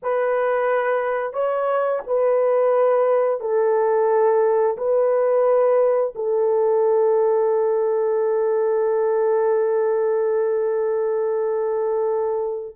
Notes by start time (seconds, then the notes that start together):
0.02 B4
1.33 C#5
2.06 B4
3.40 A4
4.77 B4
6.15 A4